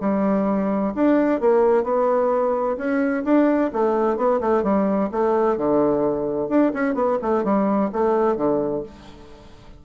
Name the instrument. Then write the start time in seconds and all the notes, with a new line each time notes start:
bassoon
0.00 G3
0.94 D4
1.40 A#3
1.83 B3
2.77 C#4
3.24 D4
3.73 A3
4.16 B3
4.40 A3
4.63 G3
5.11 A3
5.57 D3
6.49 D4
6.73 C#4
6.94 B3
7.22 A3
7.44 G3
7.92 A3
8.36 D3